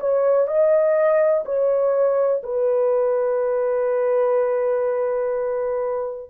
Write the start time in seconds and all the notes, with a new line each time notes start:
0.00 C#5
0.47 D#5
1.45 C#5
2.43 B4